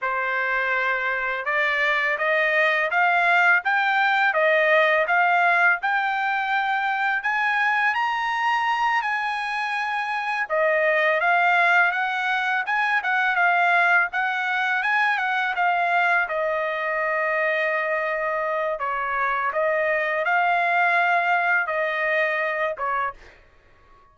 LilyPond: \new Staff \with { instrumentName = "trumpet" } { \time 4/4 \tempo 4 = 83 c''2 d''4 dis''4 | f''4 g''4 dis''4 f''4 | g''2 gis''4 ais''4~ | ais''8 gis''2 dis''4 f''8~ |
f''8 fis''4 gis''8 fis''8 f''4 fis''8~ | fis''8 gis''8 fis''8 f''4 dis''4.~ | dis''2 cis''4 dis''4 | f''2 dis''4. cis''8 | }